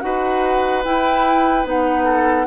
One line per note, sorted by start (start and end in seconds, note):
0.00 0.84 D#4
0.00 0.83 F#4
0.00 2.04 B4
0.00 0.82 F#5
0.84 1.64 E4
0.84 1.66 G5
1.64 2.47 B3
1.64 2.47 D#4
1.64 2.47 F#5
2.04 2.45 A4